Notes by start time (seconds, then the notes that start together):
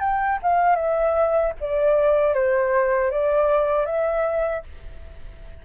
0.00 G5
0.42 F5
0.76 E5
1.60 D5
2.34 C5
3.10 D5
3.85 E5